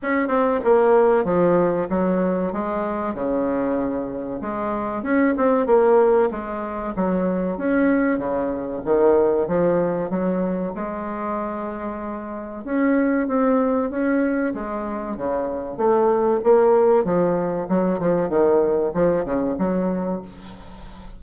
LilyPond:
\new Staff \with { instrumentName = "bassoon" } { \time 4/4 \tempo 4 = 95 cis'8 c'8 ais4 f4 fis4 | gis4 cis2 gis4 | cis'8 c'8 ais4 gis4 fis4 | cis'4 cis4 dis4 f4 |
fis4 gis2. | cis'4 c'4 cis'4 gis4 | cis4 a4 ais4 f4 | fis8 f8 dis4 f8 cis8 fis4 | }